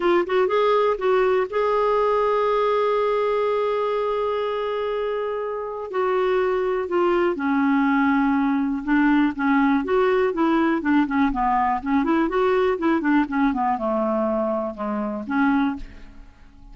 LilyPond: \new Staff \with { instrumentName = "clarinet" } { \time 4/4 \tempo 4 = 122 f'8 fis'8 gis'4 fis'4 gis'4~ | gis'1~ | gis'1 | fis'2 f'4 cis'4~ |
cis'2 d'4 cis'4 | fis'4 e'4 d'8 cis'8 b4 | cis'8 e'8 fis'4 e'8 d'8 cis'8 b8 | a2 gis4 cis'4 | }